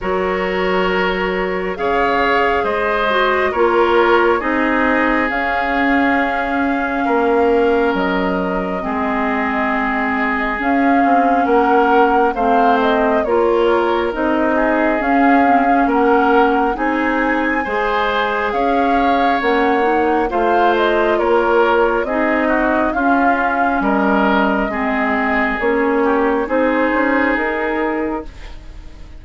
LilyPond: <<
  \new Staff \with { instrumentName = "flute" } { \time 4/4 \tempo 4 = 68 cis''2 f''4 dis''4 | cis''4 dis''4 f''2~ | f''4 dis''2. | f''4 fis''4 f''8 dis''8 cis''4 |
dis''4 f''4 fis''4 gis''4~ | gis''4 f''4 fis''4 f''8 dis''8 | cis''4 dis''4 f''4 dis''4~ | dis''4 cis''4 c''4 ais'4 | }
  \new Staff \with { instrumentName = "oboe" } { \time 4/4 ais'2 cis''4 c''4 | ais'4 gis'2. | ais'2 gis'2~ | gis'4 ais'4 c''4 ais'4~ |
ais'8 gis'4. ais'4 gis'4 | c''4 cis''2 c''4 | ais'4 gis'8 fis'8 f'4 ais'4 | gis'4. g'8 gis'2 | }
  \new Staff \with { instrumentName = "clarinet" } { \time 4/4 fis'2 gis'4. fis'8 | f'4 dis'4 cis'2~ | cis'2 c'2 | cis'2 c'4 f'4 |
dis'4 cis'8 c'16 cis'4~ cis'16 dis'4 | gis'2 cis'8 dis'8 f'4~ | f'4 dis'4 cis'2 | c'4 cis'4 dis'2 | }
  \new Staff \with { instrumentName = "bassoon" } { \time 4/4 fis2 cis4 gis4 | ais4 c'4 cis'2 | ais4 fis4 gis2 | cis'8 c'8 ais4 a4 ais4 |
c'4 cis'4 ais4 c'4 | gis4 cis'4 ais4 a4 | ais4 c'4 cis'4 g4 | gis4 ais4 c'8 cis'8 dis'4 | }
>>